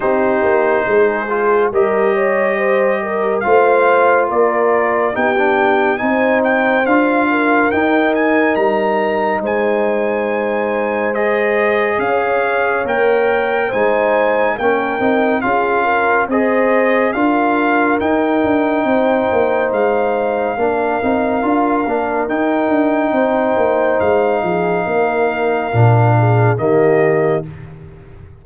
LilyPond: <<
  \new Staff \with { instrumentName = "trumpet" } { \time 4/4 \tempo 4 = 70 c''2 dis''2 | f''4 d''4 g''4 gis''8 g''8 | f''4 g''8 gis''8 ais''4 gis''4~ | gis''4 dis''4 f''4 g''4 |
gis''4 g''4 f''4 dis''4 | f''4 g''2 f''4~ | f''2 g''2 | f''2. dis''4 | }
  \new Staff \with { instrumentName = "horn" } { \time 4/4 g'4 gis'4 ais'8 cis''8 c''8 ais'8 | c''4 ais'4 g'4 c''4~ | c''8 ais'2~ ais'8 c''4~ | c''2 cis''2 |
c''4 ais'4 gis'8 ais'8 c''4 | ais'2 c''2 | ais'2. c''4~ | c''8 gis'8 ais'4. gis'8 g'4 | }
  \new Staff \with { instrumentName = "trombone" } { \time 4/4 dis'4. f'8 g'2 | f'2 dis'16 d'8. dis'4 | f'4 dis'2.~ | dis'4 gis'2 ais'4 |
dis'4 cis'8 dis'8 f'4 gis'4 | f'4 dis'2. | d'8 dis'8 f'8 d'8 dis'2~ | dis'2 d'4 ais4 | }
  \new Staff \with { instrumentName = "tuba" } { \time 4/4 c'8 ais8 gis4 g2 | a4 ais4 b4 c'4 | d'4 dis'4 g4 gis4~ | gis2 cis'4 ais4 |
gis4 ais8 c'8 cis'4 c'4 | d'4 dis'8 d'8 c'8 ais8 gis4 | ais8 c'8 d'8 ais8 dis'8 d'8 c'8 ais8 | gis8 f8 ais4 ais,4 dis4 | }
>>